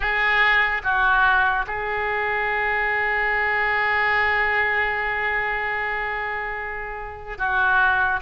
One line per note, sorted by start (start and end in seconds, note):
0.00 0.82 G#4
0.83 1.65 F#4
1.67 7.37 G#4
7.37 8.20 F#4